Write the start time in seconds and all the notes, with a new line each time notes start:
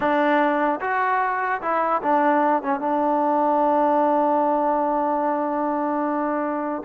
0.00 D4
0.80 F#4
1.61 E4
2.02 D4
2.62 C#4
2.80 D4